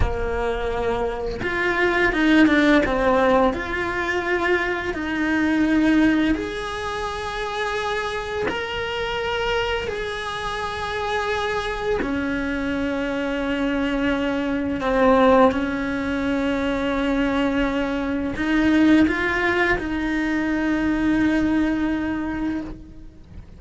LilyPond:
\new Staff \with { instrumentName = "cello" } { \time 4/4 \tempo 4 = 85 ais2 f'4 dis'8 d'8 | c'4 f'2 dis'4~ | dis'4 gis'2. | ais'2 gis'2~ |
gis'4 cis'2.~ | cis'4 c'4 cis'2~ | cis'2 dis'4 f'4 | dis'1 | }